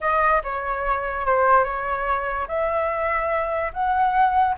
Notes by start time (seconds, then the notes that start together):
0.01 D#5
0.43 C#5
1.26 C5
1.63 C#5
2.47 E5
3.73 F#5